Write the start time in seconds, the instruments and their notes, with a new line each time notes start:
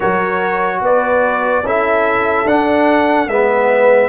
0.00 tuba F#3, trombone F#4, horn A#4, trumpet C#5
0.81 tuba B3, horn B4, trumpet D5
1.62 tuba C#4, trombone E4, horn A4, trumpet E5
2.45 tuba D4, trombone D4, trumpet F#5
3.27 tuba G#3, trombone B3, horn B4, trumpet E5